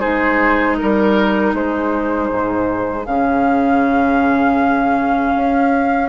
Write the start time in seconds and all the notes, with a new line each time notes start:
0.00 G#3 D#4 G#4 C5
0.77 G3 A#4
1.54 G#3 G#4 C5
2.30 G#2
3.05 C#3 C#4 F5
5.35 C#4